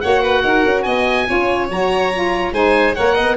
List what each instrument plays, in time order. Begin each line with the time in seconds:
0.00 tuba A#3, saxophone F#4, violin C#5, oboe F#5
0.22 violin B4
0.42 tuba D#4, violin A#4
0.65 tuba C#4
0.82 tuba B3, violin D#5, oboe G#5
1.26 tuba C#4, saxophone F4, violin C#5
1.69 tuba F#3, saxophone F#4, oboe A#5
2.13 saxophone F4
2.52 tuba G#3, saxophone D#4, violin C5, oboe G#5
2.94 tuba A#3, saxophone A#4, violin C#5, oboe F#5
3.14 tuba B3, violin D#5